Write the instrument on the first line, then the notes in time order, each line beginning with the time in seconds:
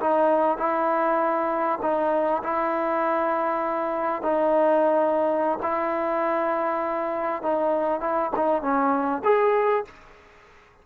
trombone
0.00 D#4
0.58 E4
1.82 D#4
2.44 E4
4.23 D#4
5.63 E4
7.43 D#4
8.01 E4
8.36 D#4
8.62 C#4
9.24 G#4